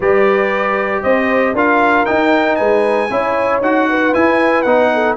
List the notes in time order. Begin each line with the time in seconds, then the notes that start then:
0.00 G3 G4 B4 D5
1.02 C4 C5 D#5
1.53 D4 F4 A#4 F5
2.05 D#4 G5
2.55 G#3 B4 G#5
3.10 C#4 E4 C#5
3.61 D#4 F#4 F#5
3.88 B4
4.13 E4 G#5
4.62 B3 D#4 F#5
4.93 A4